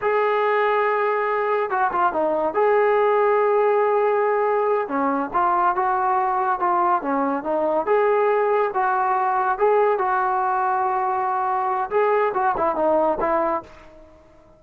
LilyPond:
\new Staff \with { instrumentName = "trombone" } { \time 4/4 \tempo 4 = 141 gis'1 | fis'8 f'8 dis'4 gis'2~ | gis'2.~ gis'8 cis'8~ | cis'8 f'4 fis'2 f'8~ |
f'8 cis'4 dis'4 gis'4.~ | gis'8 fis'2 gis'4 fis'8~ | fis'1 | gis'4 fis'8 e'8 dis'4 e'4 | }